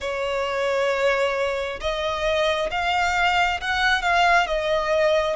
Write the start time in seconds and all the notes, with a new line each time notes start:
0.00 C#5
1.80 D#5
2.71 F5
3.61 F#5
4.02 F5
4.47 D#5